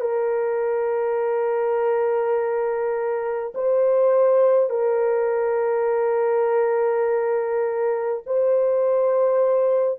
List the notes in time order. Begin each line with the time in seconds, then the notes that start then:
0.00 A#4
3.55 C5
4.70 A#4
8.26 C5